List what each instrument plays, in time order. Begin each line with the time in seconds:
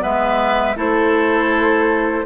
0.00 bassoon G#3, clarinet B3, oboe B4, flute E5
0.76 bassoon A3, clarinet E4, oboe A4, flute C5